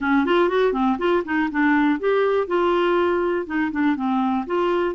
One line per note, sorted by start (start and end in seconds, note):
0.00 0.25 C#4
0.25 0.49 F4
0.49 0.73 F#4
0.73 0.97 C4
0.98 1.23 F4
1.24 1.49 D#4
1.51 1.99 D4
1.99 2.47 G4
2.47 3.46 F4
3.46 3.71 D#4
3.71 3.96 D4
3.96 4.45 C4
4.46 4.95 F4